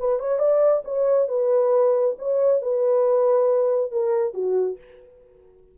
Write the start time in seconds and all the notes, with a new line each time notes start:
0.00 B4
0.20 C#5
0.39 D5
0.85 C#5
1.29 B4
2.19 C#5
2.62 B4
3.92 A#4
4.35 F#4